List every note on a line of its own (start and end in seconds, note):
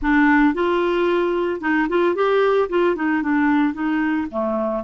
0.01 0.54 D4
0.54 1.60 F4
1.60 1.87 D#4
1.88 2.15 F4
2.15 2.68 G4
2.69 2.95 F4
2.95 3.22 D#4
3.22 3.73 D4
3.73 4.27 D#4
4.30 4.84 A3